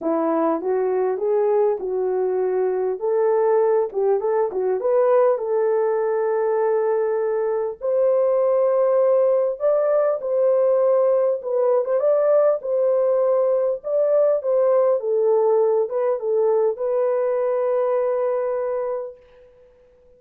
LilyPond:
\new Staff \with { instrumentName = "horn" } { \time 4/4 \tempo 4 = 100 e'4 fis'4 gis'4 fis'4~ | fis'4 a'4. g'8 a'8 fis'8 | b'4 a'2.~ | a'4 c''2. |
d''4 c''2 b'8. c''16 | d''4 c''2 d''4 | c''4 a'4. b'8 a'4 | b'1 | }